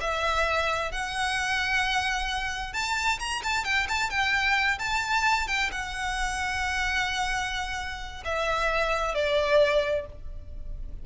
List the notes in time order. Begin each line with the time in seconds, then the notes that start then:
0.00 E5
0.91 F#5
2.73 A5
3.19 A#5
3.43 A5
3.64 G5
3.88 A5
4.10 G5
4.78 A5
5.47 G5
5.71 F#5
8.24 E5
9.14 D5